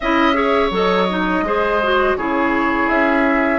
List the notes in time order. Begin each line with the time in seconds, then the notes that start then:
0.00 C#4 E4 D#5 E5
0.33 G#4 C#5
0.70 F#3 A4 D#5
1.09 D#4
1.42 G#3 G#4 C5
1.83 F#4
2.16 C#3 E4 G#4 C#5
2.88 C#4 E5